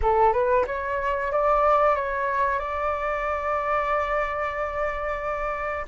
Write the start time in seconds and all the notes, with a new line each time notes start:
0.02 A4
0.32 B4
0.67 C#5
1.32 D5
1.95 C#5
2.59 D5